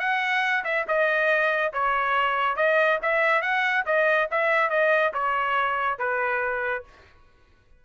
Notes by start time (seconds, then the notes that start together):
0.00 F#5
0.64 E5
0.88 D#5
1.73 C#5
2.56 D#5
3.02 E5
3.42 F#5
3.86 D#5
4.31 E5
4.70 D#5
5.14 C#5
5.99 B4